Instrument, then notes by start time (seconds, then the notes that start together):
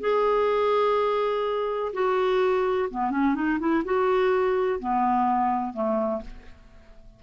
clarinet
0.00 G#4
1.93 F#4
2.90 B3
3.10 C#4
3.34 D#4
3.59 E4
3.84 F#4
4.79 B3
5.73 A3